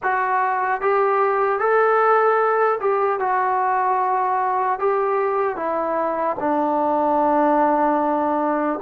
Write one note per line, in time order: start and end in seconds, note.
0.02 0.81 F#4
0.81 1.59 G4
1.59 2.79 A4
2.80 3.19 G4
3.19 4.79 F#4
4.79 5.56 G4
5.56 6.36 E4
6.39 8.79 D4